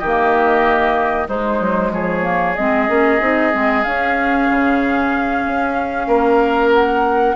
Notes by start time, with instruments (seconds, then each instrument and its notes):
0.00 bassoon D#3, oboe G4, flute D#5
0.07 clarinet A#3
1.28 clarinet G#3, bassoon G#3, oboe D#4, flute C5
1.61 bassoon F#3
1.91 bassoon F3, oboe G#4, flute C#5
2.23 clarinet A#3
2.56 bassoon G#3, clarinet C4, flute D#5
2.88 bassoon A#3, clarinet C#4
3.21 bassoon C4, clarinet D#4
3.52 bassoon G#3, clarinet C4
3.84 bassoon C#4, clarinet C#4, flute F5
4.50 bassoon C#3
5.45 bassoon C#4
6.07 bassoon A#3, oboe A#4
6.74 flute F#5